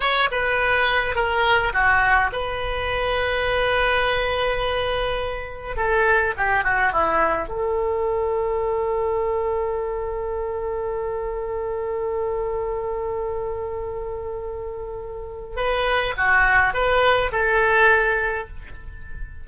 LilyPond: \new Staff \with { instrumentName = "oboe" } { \time 4/4 \tempo 4 = 104 cis''8 b'4. ais'4 fis'4 | b'1~ | b'2 a'4 g'8 fis'8 | e'4 a'2.~ |
a'1~ | a'1~ | a'2. b'4 | fis'4 b'4 a'2 | }